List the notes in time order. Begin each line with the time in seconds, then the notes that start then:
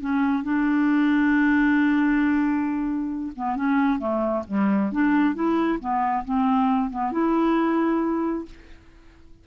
0.00 C#4
0.43 D4
3.36 B3
3.56 C#4
3.99 A3
4.47 G3
4.92 D4
5.35 E4
5.80 B3
6.24 C4
6.90 B3
7.12 E4